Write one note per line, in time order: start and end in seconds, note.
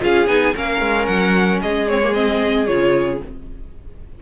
0.00 0.27 C#4
0.00 0.27 F4
0.00 0.55 G#4
0.00 0.27 F5
0.27 0.53 B3
0.27 0.53 D#4
0.27 0.54 G#5
0.55 0.80 A#3
0.55 1.87 C#4
0.55 1.61 A#4
0.55 1.06 F5
0.80 1.07 G#3
1.06 1.61 F#3
1.06 1.59 F#5
1.61 2.68 G#3
1.61 3.21 G#4
1.61 1.88 D#5
1.88 2.02 C4
1.88 2.14 C#5
2.02 2.13 A#3
2.13 2.66 C4
2.13 2.66 D#5
2.66 3.21 C#3
2.66 3.20 F4
2.66 3.19 C#5